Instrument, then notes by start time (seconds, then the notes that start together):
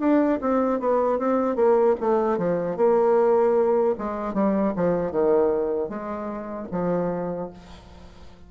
bassoon
0.00 D4
0.42 C4
0.80 B3
1.19 C4
1.56 A#3
2.00 A3
2.38 F3
2.77 A#3
3.98 G#3
4.34 G3
4.76 F3
5.12 D#3
5.89 G#3
6.71 F3